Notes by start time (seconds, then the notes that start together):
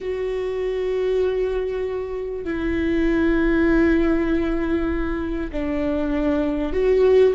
0.01 F#4
2.44 E4
5.52 D4
6.72 F#4